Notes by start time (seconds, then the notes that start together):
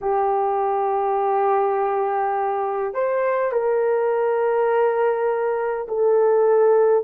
0.01 G4
2.94 C5
3.51 A#4
5.88 A4